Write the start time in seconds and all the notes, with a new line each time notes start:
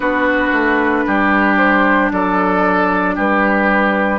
0.00 B3 D4 F#4 B4
0.52 A3
1.07 G3 G4
1.57 C5
2.12 F#3 A4 D5
3.15 G3 G4 B4